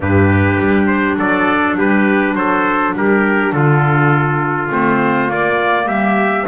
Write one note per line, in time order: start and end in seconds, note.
0.00 0.58 G2
0.00 4.70 D4
0.00 1.18 G4
0.00 0.86 B4
0.58 1.17 G3
0.86 1.15 C5
1.18 1.77 F#3
1.18 1.77 A4
1.18 1.78 D5
1.77 2.35 G3
1.77 2.36 G4
1.77 2.35 B4
2.35 2.93 F#3
2.35 2.96 A4
2.35 2.94 C5
2.94 3.52 G3
2.94 3.55 G4
2.94 3.52 A#4
3.52 4.70 D3
3.52 5.87 F4
3.52 4.70 A4
4.70 5.29 A3
4.70 5.28 C4
4.70 5.30 C5
5.28 6.45 A#3
5.28 5.86 A#3
5.28 5.87 D5
5.86 6.45 G3
5.86 6.45 G4
5.86 6.46 E5